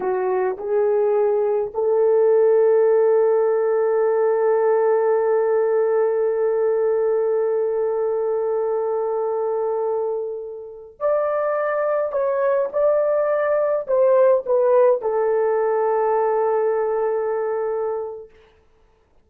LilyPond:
\new Staff \with { instrumentName = "horn" } { \time 4/4 \tempo 4 = 105 fis'4 gis'2 a'4~ | a'1~ | a'1~ | a'1~ |
a'2.~ a'16 d''8.~ | d''4~ d''16 cis''4 d''4.~ d''16~ | d''16 c''4 b'4 a'4.~ a'16~ | a'1 | }